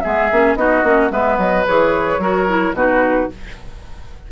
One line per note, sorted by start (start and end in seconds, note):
0.00 0.31 G#3
0.00 0.31 B3
0.00 0.58 G#4
0.00 0.55 E5
0.31 0.56 A#3
0.31 0.57 C#4
0.55 0.83 B3
0.55 0.84 D#4
0.55 1.12 F#4
0.55 1.09 D#5
0.83 1.10 A#3
0.83 1.10 C#4
1.10 1.38 G#3
1.10 1.65 B3
1.10 2.21 B4
1.10 1.38 E5
1.38 1.65 F#3
1.38 1.66 D#5
1.67 2.18 E3
1.67 2.20 G#4
1.67 2.76 C#5
2.18 2.72 F#3
2.18 2.47 F#4
2.18 2.76 A#4
2.48 2.75 E4
2.73 3.28 B2
2.73 3.30 D#4
2.73 3.30 F#4
2.73 3.31 B4